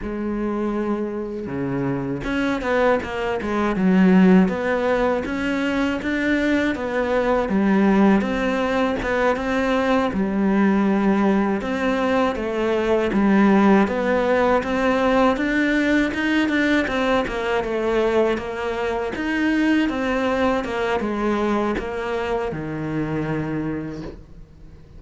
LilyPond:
\new Staff \with { instrumentName = "cello" } { \time 4/4 \tempo 4 = 80 gis2 cis4 cis'8 b8 | ais8 gis8 fis4 b4 cis'4 | d'4 b4 g4 c'4 | b8 c'4 g2 c'8~ |
c'8 a4 g4 b4 c'8~ | c'8 d'4 dis'8 d'8 c'8 ais8 a8~ | a8 ais4 dis'4 c'4 ais8 | gis4 ais4 dis2 | }